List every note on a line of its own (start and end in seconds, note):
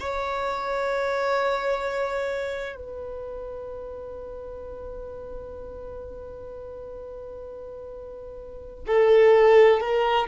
0.00 2.76 C#5
2.76 8.85 B4
8.87 9.81 A4
9.81 10.27 A#4